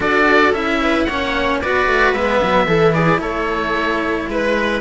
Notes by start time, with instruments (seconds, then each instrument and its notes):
0.00 cello D4 F#4, viola A4, oboe D5
0.52 cello C#4 E4, oboe E5
0.81 viola B4
1.04 cello A#3 C#4, viola C#5, oboe F#5
1.61 cello B3 F#4, viola B4, oboe D5
1.86 cello A3
2.13 cello G#3 B3, oboe E5
2.43 cello F#3
2.66 cello E3 E4, viola A4
2.93 viola G#4, oboe D5
3.18 cello A3, viola A4, oboe C#5
4.28 cello G#3, viola B4, oboe B4